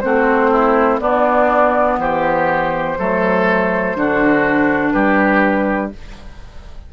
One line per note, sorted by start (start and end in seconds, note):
0.00 1.00 A3
0.00 1.01 C4
0.00 0.51 F#4
0.00 0.98 C5
0.51 1.00 E4
1.00 1.98 B3
1.00 2.98 B3
1.00 2.00 D4
1.00 1.98 D5
1.99 2.97 E3
1.99 2.98 G4
1.99 4.91 C5
2.99 3.95 F#3
2.99 3.96 A3
2.99 3.97 A4
3.95 4.94 D3
3.95 5.93 D4
3.95 4.93 F#4
4.91 5.92 G3
4.91 5.92 G4
4.91 5.90 B4